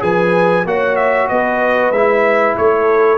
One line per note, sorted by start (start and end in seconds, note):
0.00 0.65 F3
0.00 0.64 G#4
0.00 0.66 B4
0.00 0.67 G#5
0.65 1.29 A#3
0.65 1.94 F#4
0.65 1.29 C#5
0.65 0.96 F#5
0.96 1.28 E5
1.29 1.91 B3
1.29 2.57 B4
1.29 1.92 D#5
1.91 2.55 G#3
1.91 3.18 E4
1.91 2.56 E5
2.57 3.18 A3
2.57 3.18 A4
2.57 3.18 C#5